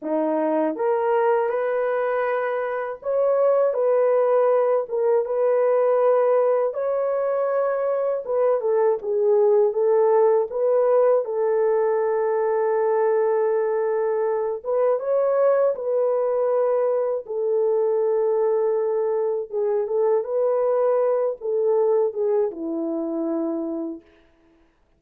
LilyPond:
\new Staff \with { instrumentName = "horn" } { \time 4/4 \tempo 4 = 80 dis'4 ais'4 b'2 | cis''4 b'4. ais'8 b'4~ | b'4 cis''2 b'8 a'8 | gis'4 a'4 b'4 a'4~ |
a'2.~ a'8 b'8 | cis''4 b'2 a'4~ | a'2 gis'8 a'8 b'4~ | b'8 a'4 gis'8 e'2 | }